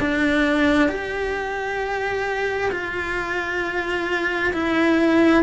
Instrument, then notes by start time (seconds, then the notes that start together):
cello
0.00 D4
0.89 G4
2.71 F4
4.53 E4